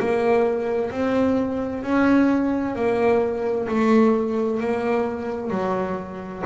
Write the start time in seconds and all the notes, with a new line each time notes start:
0.00 A#3
0.91 C4
1.83 C#4
2.76 A#3
3.68 A3
4.60 A#3
5.50 F#3